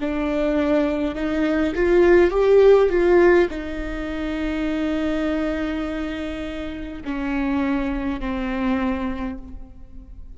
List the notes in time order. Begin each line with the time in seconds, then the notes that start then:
0.00 D4
1.14 D#4
1.75 F4
2.30 G4
2.89 F4
3.50 D#4
7.05 C#4
8.20 C4